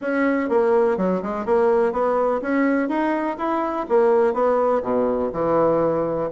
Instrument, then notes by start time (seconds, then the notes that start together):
bassoon
0.01 C#4
0.49 A#3
0.97 F#3
1.22 G#3
1.45 A#3
1.92 B3
2.41 C#4
2.88 D#4
3.38 E4
3.88 A#3
4.33 B3
4.82 B2
5.32 E3